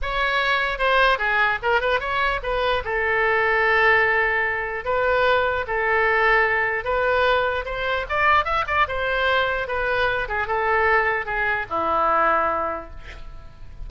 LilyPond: \new Staff \with { instrumentName = "oboe" } { \time 4/4 \tempo 4 = 149 cis''2 c''4 gis'4 | ais'8 b'8 cis''4 b'4 a'4~ | a'1 | b'2 a'2~ |
a'4 b'2 c''4 | d''4 e''8 d''8 c''2 | b'4. gis'8 a'2 | gis'4 e'2. | }